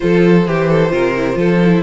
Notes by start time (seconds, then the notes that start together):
0.00 F3 F4 A4 C5
0.46 E3 G4
0.69 A4
0.89 C3 F4 A#4
1.16 E4
1.33 F3 F4 A4
1.64 E4